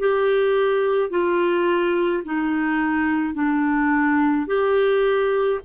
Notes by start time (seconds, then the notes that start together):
0.00 G4
1.10 F4
2.25 D#4
3.34 D4
4.47 G4